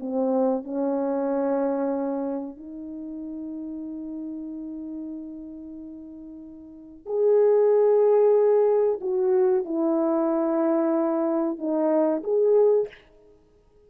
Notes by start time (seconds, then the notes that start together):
0.00 C4
0.64 C#4
2.57 D#4
7.06 G#4
9.01 F#4
9.65 E4
11.58 D#4
12.23 G#4